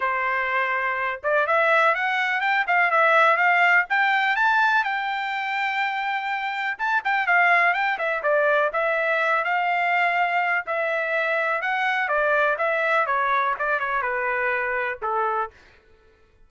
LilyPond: \new Staff \with { instrumentName = "trumpet" } { \time 4/4 \tempo 4 = 124 c''2~ c''8 d''8 e''4 | fis''4 g''8 f''8 e''4 f''4 | g''4 a''4 g''2~ | g''2 a''8 g''8 f''4 |
g''8 e''8 d''4 e''4. f''8~ | f''2 e''2 | fis''4 d''4 e''4 cis''4 | d''8 cis''8 b'2 a'4 | }